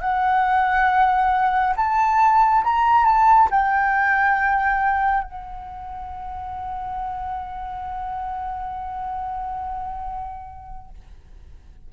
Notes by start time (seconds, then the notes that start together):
0.00 F#5
1.76 A5
2.64 A#5
3.05 A5
3.51 G5
5.24 F#5